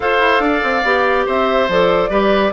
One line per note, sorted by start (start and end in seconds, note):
0.00 0.19 F4
0.00 0.83 A4
0.00 0.43 C5
0.00 1.26 F5
0.19 0.39 E4
0.39 0.60 D4
0.39 1.26 D5
0.63 0.84 C4
0.84 1.26 B3
0.84 1.69 G4
1.26 1.68 C4
1.26 2.09 C5
1.26 1.70 E5
1.68 2.09 F3
1.68 2.10 A4
1.68 2.52 D5
2.09 2.51 G3
2.09 2.52 G4
2.09 2.52 B4